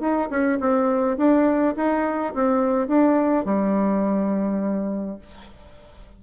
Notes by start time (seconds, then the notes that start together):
0.00 D#4
0.30 C#4
0.60 C4
1.17 D4
1.76 D#4
2.34 C4
2.88 D4
3.45 G3